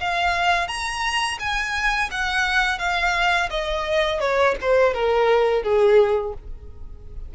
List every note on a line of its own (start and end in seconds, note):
0.00 0.67 F5
0.67 1.38 A#5
1.39 2.10 G#5
2.10 2.79 F#5
2.79 3.49 F5
3.50 4.20 D#5
4.20 4.55 C#5
4.61 4.94 C5
4.94 5.63 A#4
5.63 6.33 G#4